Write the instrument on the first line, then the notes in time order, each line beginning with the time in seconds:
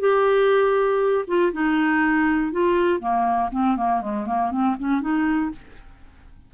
clarinet
0.00 G4
1.27 F4
1.53 D#4
2.52 F4
3.00 A#3
3.51 C4
3.77 A#3
4.01 G#3
4.26 A#3
4.51 C4
4.79 C#4
5.01 D#4